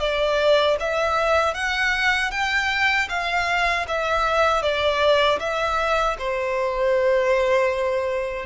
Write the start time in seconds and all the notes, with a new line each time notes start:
0.00 D5
0.80 E5
1.55 F#5
2.31 G5
3.09 F5
3.88 E5
4.62 D5
5.40 E5
6.19 C5